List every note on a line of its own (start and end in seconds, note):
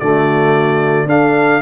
0.00 1.06 D3
0.00 1.09 A3
0.00 1.09 F#4
0.00 1.08 D5
1.06 1.60 D4
1.06 1.63 D4
1.06 1.63 A4
1.06 1.63 F5